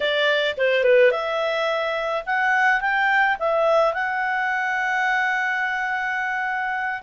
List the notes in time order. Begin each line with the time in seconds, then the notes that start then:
0.00 D5
0.57 C5
0.83 B4
1.11 E5
2.26 F#5
2.80 G5
3.39 E5
3.93 F#5